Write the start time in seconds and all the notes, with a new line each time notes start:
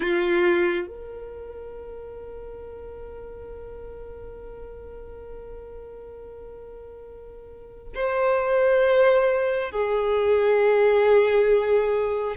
0.00 F4
0.87 A#4
7.95 C5
9.71 G#4